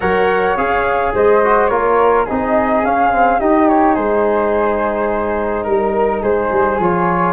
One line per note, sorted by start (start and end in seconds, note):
0.00 0.56 F#3
0.00 0.56 A#4
0.00 1.13 C#5
0.00 0.56 F#5
0.56 1.13 C#4
0.56 1.42 G#4
0.56 1.13 F5
1.13 1.70 G#3
1.13 1.70 C5
1.13 1.67 D#5
1.43 1.70 F#4
1.67 2.27 A#3
1.67 2.27 F4
1.67 2.25 A#4
1.67 2.24 C#5
2.25 2.83 C4
2.25 2.84 D#4
2.25 3.38 G#4
2.25 2.84 D#5
2.83 3.40 C#4
2.83 3.12 C#4
2.83 3.40 F5
3.12 3.40 C4
3.39 6.79 D#4
3.39 3.97 D#4
3.39 3.94 G4
3.39 3.68 D#5
3.68 3.95 C#5
3.94 5.66 G#3
3.94 5.64 G#4
3.94 5.63 C5
5.63 6.22 G3
5.63 6.20 A#4
5.63 6.22 A#4
6.22 6.50 G#3
6.22 7.32 G#4
6.22 6.80 C5
6.51 6.79 G3
6.79 7.32 F3
6.79 7.32 F4
6.79 7.32 C#5